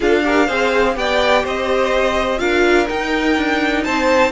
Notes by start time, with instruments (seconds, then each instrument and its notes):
0.00 cello D4, viola F4, violin A4 F5
0.23 viola G4, violin A#4
0.46 cello C4, viola G#4, violin C5
0.94 cello B3, viola G4, violin D5 G5
1.43 cello C4, violin C5 D#5
2.38 cello D4, viola F4, violin A#4 F5
2.87 viola D#4, cello D#4, violin G5
3.37 cello D4
3.84 cello C4, violin C5 A5